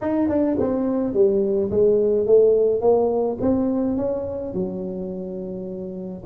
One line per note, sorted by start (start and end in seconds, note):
0.01 0.29 D#4
0.29 0.57 D4
0.59 1.13 C4
1.13 1.70 G3
1.71 2.26 G#3
2.26 2.80 A3
2.80 3.37 A#3
3.41 3.96 C4
3.96 4.53 C#4
4.53 6.23 F#3